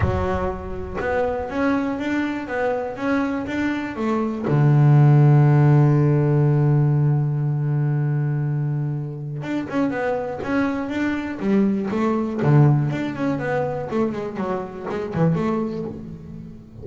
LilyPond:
\new Staff \with { instrumentName = "double bass" } { \time 4/4 \tempo 4 = 121 fis2 b4 cis'4 | d'4 b4 cis'4 d'4 | a4 d2.~ | d1~ |
d2. d'8 cis'8 | b4 cis'4 d'4 g4 | a4 d4 d'8 cis'8 b4 | a8 gis8 fis4 gis8 e8 a4 | }